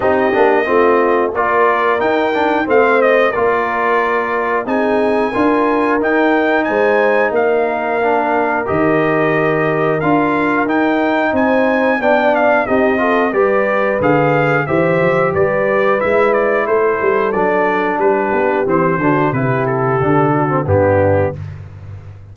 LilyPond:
<<
  \new Staff \with { instrumentName = "trumpet" } { \time 4/4 \tempo 4 = 90 dis''2 d''4 g''4 | f''8 dis''8 d''2 gis''4~ | gis''4 g''4 gis''4 f''4~ | f''4 dis''2 f''4 |
g''4 gis''4 g''8 f''8 dis''4 | d''4 f''4 e''4 d''4 | e''8 d''8 c''4 d''4 b'4 | c''4 b'8 a'4. g'4 | }
  \new Staff \with { instrumentName = "horn" } { \time 4/4 g'4 f'4 ais'2 | c''4 ais'2 gis'4 | ais'2 c''4 ais'4~ | ais'1~ |
ais'4 c''4 d''4 g'8 a'8 | b'2 c''4 b'4~ | b'4 a'2 g'4~ | g'8 fis'8 g'4. fis'8 d'4 | }
  \new Staff \with { instrumentName = "trombone" } { \time 4/4 dis'8 d'8 c'4 f'4 dis'8 d'8 | c'4 f'2 dis'4 | f'4 dis'2. | d'4 g'2 f'4 |
dis'2 d'4 dis'8 f'8 | g'4 gis'4 g'2 | e'2 d'2 | c'8 d'8 e'4 d'8. c'16 b4 | }
  \new Staff \with { instrumentName = "tuba" } { \time 4/4 c'8 ais8 a4 ais4 dis'4 | a4 ais2 c'4 | d'4 dis'4 gis4 ais4~ | ais4 dis2 d'4 |
dis'4 c'4 b4 c'4 | g4 d4 e8 f8 g4 | gis4 a8 g8 fis4 g8 b8 | e8 d8 c4 d4 g,4 | }
>>